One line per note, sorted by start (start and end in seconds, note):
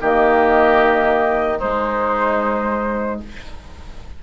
0.00 1.61 D#3
0.00 1.58 A#3
0.00 1.58 G4
0.00 1.59 D#5
1.58 3.18 G#3
1.58 3.22 G#3
1.58 3.18 D#4
1.58 3.19 C5